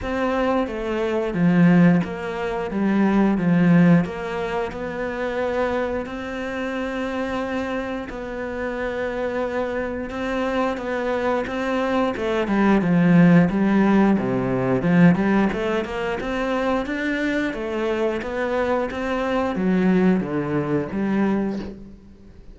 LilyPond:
\new Staff \with { instrumentName = "cello" } { \time 4/4 \tempo 4 = 89 c'4 a4 f4 ais4 | g4 f4 ais4 b4~ | b4 c'2. | b2. c'4 |
b4 c'4 a8 g8 f4 | g4 c4 f8 g8 a8 ais8 | c'4 d'4 a4 b4 | c'4 fis4 d4 g4 | }